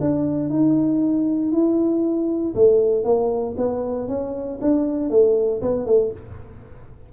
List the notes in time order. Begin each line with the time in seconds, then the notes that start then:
0.00 D4
0.49 D#4
1.52 E4
2.55 A3
3.04 A#3
3.57 B3
4.07 C#4
4.61 D4
5.10 A3
5.61 B3
5.86 A3